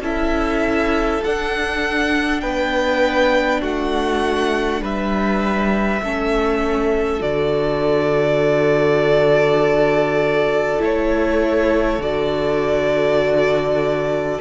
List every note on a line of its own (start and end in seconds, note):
0.00 1.20 C#4
0.00 1.22 E4
0.00 2.42 A4
0.00 1.24 E5
1.24 2.42 D4
1.24 6.03 D4
1.24 2.40 F#5
2.40 3.62 B3
2.40 3.61 B4
2.40 3.60 G5
3.61 4.81 A3
3.61 4.81 F#4
3.61 4.83 F#5
4.81 6.01 G3
4.81 6.03 B4
4.81 7.21 E5
6.02 7.21 A3
6.02 7.20 C#4
6.02 14.41 A4
7.20 10.80 D3
7.20 10.79 F#4
7.20 10.81 D5
10.79 11.98 A3
10.79 11.99 E4
10.79 12.02 C#5
11.98 14.38 D3
11.98 14.41 F#4
11.98 14.41 D5